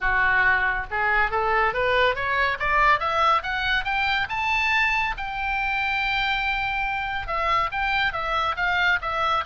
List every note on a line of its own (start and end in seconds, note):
0.01 0.86 F#4
0.90 1.30 G#4
1.30 1.73 A4
1.73 2.15 B4
2.15 2.58 C#5
2.59 2.99 D5
2.99 3.42 E5
3.42 3.84 F#5
3.84 4.27 G5
4.29 5.14 A5
5.17 7.27 G5
7.27 7.69 E5
7.71 8.12 G5
8.12 8.55 E5
8.56 8.99 F5
9.01 9.44 E5